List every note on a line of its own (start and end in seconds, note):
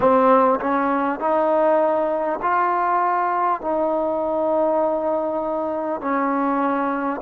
0.00 0.59 C4
0.59 1.19 C#4
1.19 2.39 D#4
2.42 3.61 F4
3.61 6.00 D#4
6.00 7.20 C#4